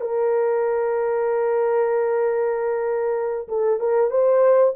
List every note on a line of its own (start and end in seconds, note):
0.00 3.47 A#4
3.48 3.80 A4
3.80 4.10 A#4
4.10 4.73 C5